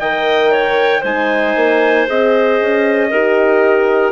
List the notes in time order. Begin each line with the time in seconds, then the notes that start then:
0.00 D#3 A#4 D#5 G5
0.52 C#5
1.01 G#3 D#4 C5 G#5
1.56 A#3
2.07 C4 G#4 D#5
2.61 C#4
3.10 D#4 G4 A#4